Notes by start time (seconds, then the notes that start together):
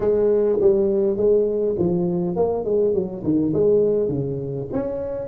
0.00 G#3
0.60 G3
1.16 G#3
1.78 F3
2.35 A#3
2.64 G#3
2.93 F#3
3.23 D#3
3.53 G#3
4.08 C#3
4.72 C#4